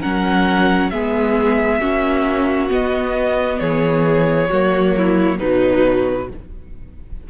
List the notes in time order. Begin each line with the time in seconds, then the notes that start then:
0.00 F#3 C#4 A#4 F#5
0.90 G#3 B3 G#4 E5
1.81 A#3 C#4 F#4
2.69 B3 D#5
3.59 E3 G#4 C#5
4.50 F#3 A#3 F#4
4.97 E4
5.38 B2 F#3 D#4 B4